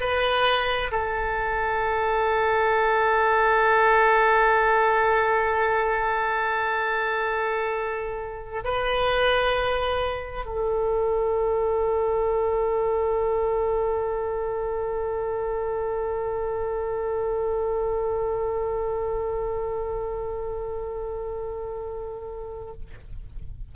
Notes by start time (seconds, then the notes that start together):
0.00 B4
0.91 A4
8.64 B4
10.45 A4